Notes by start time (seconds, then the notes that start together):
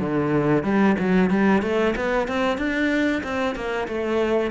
0.00 D3
0.64 G3
0.99 F#3
1.30 G3
1.62 A3
1.96 B3
2.28 C4
2.57 D4
3.23 C4
3.55 A#3
3.88 A3